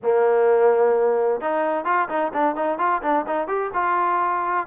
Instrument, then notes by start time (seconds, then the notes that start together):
trombone
0.02 A#3
1.41 D#4
1.85 F4
2.08 D#4
2.33 D4
2.55 D#4
2.78 F4
3.02 D4
3.26 D#4
3.47 G4
3.73 F4